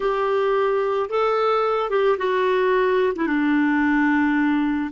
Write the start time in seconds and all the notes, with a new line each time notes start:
0.00 G4
1.09 A4
1.90 G4
2.18 F#4
3.15 E4
3.27 D4